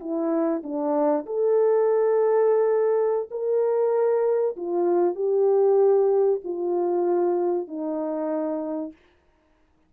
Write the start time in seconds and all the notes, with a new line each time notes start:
0.00 E4
0.63 D4
1.26 A4
3.31 A#4
4.56 F4
5.15 G4
6.44 F4
7.67 D#4